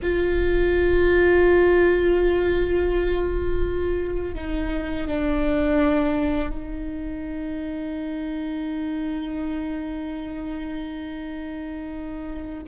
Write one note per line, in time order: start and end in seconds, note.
0.02 4.34 F4
4.34 5.07 D#4
5.07 6.49 D4
6.49 12.63 D#4